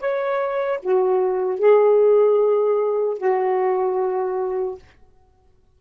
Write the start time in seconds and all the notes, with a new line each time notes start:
0.00 C#5
0.83 F#4
1.59 G#4
3.18 F#4